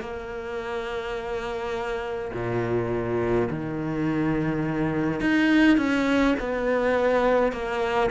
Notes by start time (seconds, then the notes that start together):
0.00 A#3
2.33 A#2
3.50 D#3
5.20 D#4
5.77 C#4
6.39 B3
7.52 A#3